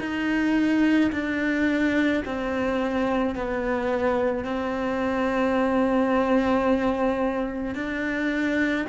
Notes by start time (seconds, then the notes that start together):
0.00 D#4
1.12 D4
2.25 C4
3.35 B3
4.44 C4
7.75 D4